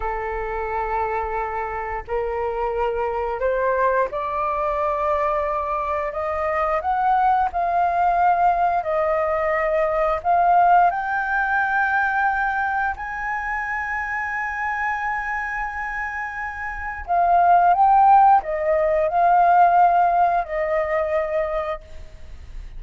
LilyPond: \new Staff \with { instrumentName = "flute" } { \time 4/4 \tempo 4 = 88 a'2. ais'4~ | ais'4 c''4 d''2~ | d''4 dis''4 fis''4 f''4~ | f''4 dis''2 f''4 |
g''2. gis''4~ | gis''1~ | gis''4 f''4 g''4 dis''4 | f''2 dis''2 | }